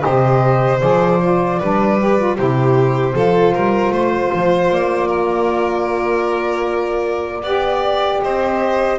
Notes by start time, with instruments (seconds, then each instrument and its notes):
0.00 double bass C3, saxophone G4, violin C5, flute D#5
0.80 double bass F3, saxophone G#4, flute D5
1.21 saxophone F4
1.59 double bass G3, saxophone D4, violin B4
1.99 saxophone G4
2.18 saxophone F4
2.37 double bass C3, saxophone E4, violin G4, flute C5
3.13 double bass F3, saxophone F4, violin A4
3.54 double bass G3, violin A#4
3.89 double bass A3, violin C5
4.34 double bass F3
4.70 double bass A#3, flute D5
5.07 violin A#4
7.42 double bass B3, saxophone G4, violin D5
8.21 double bass C4, violin C5, flute D#5